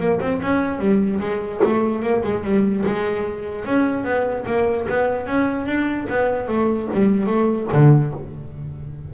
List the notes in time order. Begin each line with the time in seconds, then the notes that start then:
0.00 A#3
0.21 C4
0.42 C#4
0.79 G3
1.21 G#3
1.64 A3
2.03 A#3
2.24 G#3
2.44 G3
2.86 G#3
3.65 C#4
4.05 B3
4.47 A#3
4.89 B3
5.27 C#4
5.66 D4
6.10 B3
6.48 A3
6.94 G3
7.27 A3
7.73 D3